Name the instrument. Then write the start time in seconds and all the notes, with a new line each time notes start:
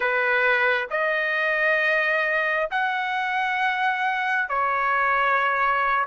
trumpet
0.00 B4
0.90 D#5
2.70 F#5
4.49 C#5